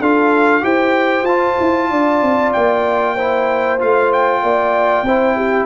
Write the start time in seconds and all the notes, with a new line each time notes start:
0.00 D4 F4 A4 F5
0.62 E4 G4 C5 G5
1.23 F4 A5
1.60 E4
1.91 D4 D5
2.22 C4
2.53 A#3 G5
3.16 E4 C5
3.79 A3 F4 F5
4.13 G5
4.43 A#3 D5
5.03 C4 E4 C5
5.36 G4